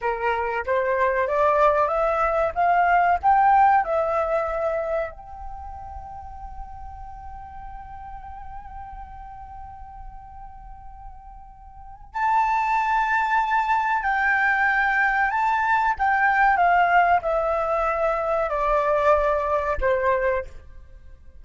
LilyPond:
\new Staff \with { instrumentName = "flute" } { \time 4/4 \tempo 4 = 94 ais'4 c''4 d''4 e''4 | f''4 g''4 e''2 | g''1~ | g''1~ |
g''2. a''4~ | a''2 g''2 | a''4 g''4 f''4 e''4~ | e''4 d''2 c''4 | }